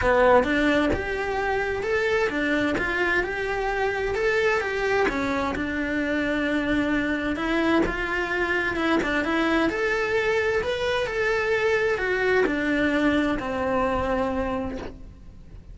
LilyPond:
\new Staff \with { instrumentName = "cello" } { \time 4/4 \tempo 4 = 130 b4 d'4 g'2 | a'4 d'4 f'4 g'4~ | g'4 a'4 g'4 cis'4 | d'1 |
e'4 f'2 e'8 d'8 | e'4 a'2 b'4 | a'2 fis'4 d'4~ | d'4 c'2. | }